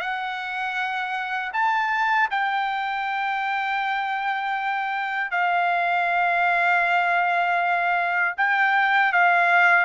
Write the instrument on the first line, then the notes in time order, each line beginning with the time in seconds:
trumpet
0.00 F#5
1.53 A5
2.31 G5
5.31 F5
8.38 G5
9.12 F5